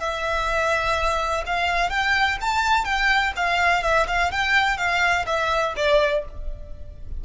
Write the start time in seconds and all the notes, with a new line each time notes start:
0.00 E5
1.46 F5
1.90 G5
2.41 A5
2.85 G5
3.37 F5
3.83 E5
4.08 F5
4.32 G5
4.78 F5
5.26 E5
5.77 D5